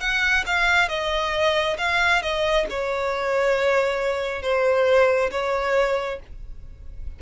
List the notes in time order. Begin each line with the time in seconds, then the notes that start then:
0.00 F#5
0.46 F5
0.89 D#5
1.78 F5
2.22 D#5
2.70 C#5
4.42 C5
5.31 C#5